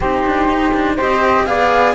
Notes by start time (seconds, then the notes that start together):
0.00 C4 D#4 G4 C5
0.25 D4
0.48 D#4
0.74 D4
0.95 C4 G4 C5 D#5
1.45 B3 G#4 D5 F5